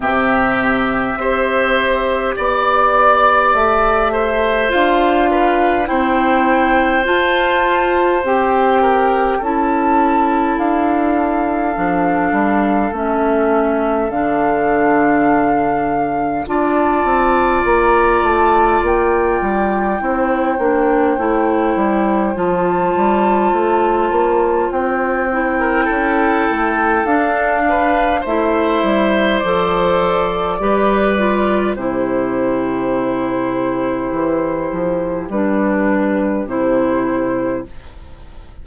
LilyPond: <<
  \new Staff \with { instrumentName = "flute" } { \time 4/4 \tempo 4 = 51 e''2 d''4 e''4 | f''4 g''4 a''4 g''4 | a''4 f''2 e''4 | f''2 a''4 ais''8 a''8 |
g''2. a''4~ | a''4 g''2 f''4 | e''4 d''2 c''4~ | c''2 b'4 c''4 | }
  \new Staff \with { instrumentName = "oboe" } { \time 4/4 g'4 c''4 d''4. c''8~ | c''8 b'8 c''2~ c''8 ais'8 | a'1~ | a'2 d''2~ |
d''4 c''2.~ | c''4.~ c''16 ais'16 a'4. b'8 | c''2 b'4 g'4~ | g'1 | }
  \new Staff \with { instrumentName = "clarinet" } { \time 4/4 c'4 g'2. | f'4 e'4 f'4 g'4 | e'2 d'4 cis'4 | d'2 f'2~ |
f'4 e'8 d'8 e'4 f'4~ | f'4. e'4. d'4 | e'4 a'4 g'8 f'8 e'4~ | e'2 d'4 e'4 | }
  \new Staff \with { instrumentName = "bassoon" } { \time 4/4 c4 c'4 b4 a4 | d'4 c'4 f'4 c'4 | cis'4 d'4 f8 g8 a4 | d2 d'8 c'8 ais8 a8 |
ais8 g8 c'8 ais8 a8 g8 f8 g8 | a8 ais8 c'4 cis'8 a8 d'4 | a8 g8 f4 g4 c4~ | c4 e8 f8 g4 c4 | }
>>